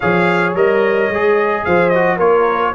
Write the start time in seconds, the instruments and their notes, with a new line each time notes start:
0.00 tuba F3, trombone G#4, horn C#5, trumpet F5
0.54 tuba G3, trombone A#4, trumpet D#5
1.09 tuba G#3, trombone G#4
1.64 tuba F3, horn C5, trumpet F5
1.89 trombone F#4, trumpet D#5
2.16 tuba A#3, trombone F4, horn A#4, trumpet C#5